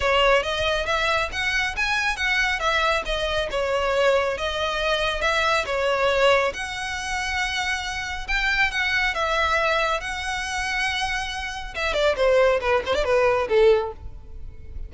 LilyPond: \new Staff \with { instrumentName = "violin" } { \time 4/4 \tempo 4 = 138 cis''4 dis''4 e''4 fis''4 | gis''4 fis''4 e''4 dis''4 | cis''2 dis''2 | e''4 cis''2 fis''4~ |
fis''2. g''4 | fis''4 e''2 fis''4~ | fis''2. e''8 d''8 | c''4 b'8 c''16 d''16 b'4 a'4 | }